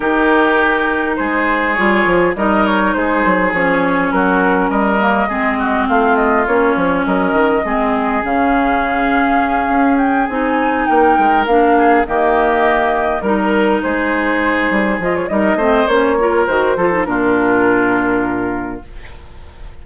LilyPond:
<<
  \new Staff \with { instrumentName = "flute" } { \time 4/4 \tempo 4 = 102 ais'2 c''4 cis''4 | dis''8 cis''8 c''4 cis''4 ais'4 | dis''2 f''8 dis''8 cis''4 | dis''2 f''2~ |
f''4 g''8 gis''4 g''4 f''8~ | f''8 dis''2 ais'4 c''8~ | c''4. dis''16 cis''16 dis''4 cis''4 | c''4 ais'2. | }
  \new Staff \with { instrumentName = "oboe" } { \time 4/4 g'2 gis'2 | ais'4 gis'2 fis'4 | ais'4 gis'8 fis'8 f'2 | ais'4 gis'2.~ |
gis'2~ gis'8 ais'4. | gis'8 g'2 ais'4 gis'8~ | gis'2 ais'8 c''4 ais'8~ | ais'8 a'8 f'2. | }
  \new Staff \with { instrumentName = "clarinet" } { \time 4/4 dis'2. f'4 | dis'2 cis'2~ | cis'8 ais8 c'2 cis'4~ | cis'4 c'4 cis'2~ |
cis'4. dis'2 d'8~ | d'8 ais2 dis'4.~ | dis'4. f'8 dis'8 c'8 cis'8 f'8 | fis'8 f'16 dis'16 d'2. | }
  \new Staff \with { instrumentName = "bassoon" } { \time 4/4 dis2 gis4 g8 f8 | g4 gis8 fis8 f4 fis4 | g4 gis4 a4 ais8 f8 | fis8 dis8 gis4 cis2~ |
cis8 cis'4 c'4 ais8 gis8 ais8~ | ais8 dis2 g4 gis8~ | gis4 g8 f8 g8 a8 ais4 | dis8 f8 ais,2. | }
>>